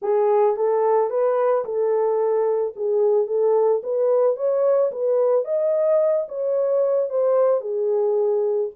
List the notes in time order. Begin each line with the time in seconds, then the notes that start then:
0.02 G#4
0.56 A4
1.09 B4
1.64 A4
2.76 G#4
3.27 A4
3.83 B4
4.36 C#5
4.91 B4
5.44 D#5
6.28 C#5
7.09 C5
7.60 G#4